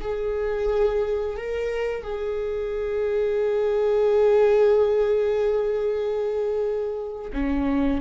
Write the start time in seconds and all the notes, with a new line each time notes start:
0.00 G#4
1.36 A#4
2.03 G#4
7.33 C#4